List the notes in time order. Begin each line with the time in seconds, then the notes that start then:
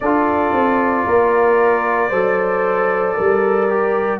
0.00 D4 F4 A4 D5
0.52 C4
1.05 A#3 A#4
2.09 F#3 A4 C5
3.15 G3 A#4
3.69 G4